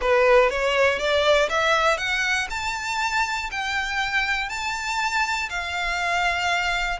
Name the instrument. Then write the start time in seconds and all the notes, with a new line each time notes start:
violin
0.01 B4
0.50 C#5
0.98 D5
1.49 E5
1.97 F#5
2.50 A5
3.51 G5
4.49 A5
5.49 F5